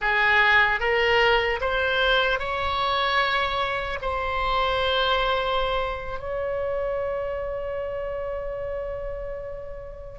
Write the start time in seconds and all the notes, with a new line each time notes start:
0.01 G#4
0.80 A#4
1.60 C5
2.39 C#5
4.01 C5
6.19 C#5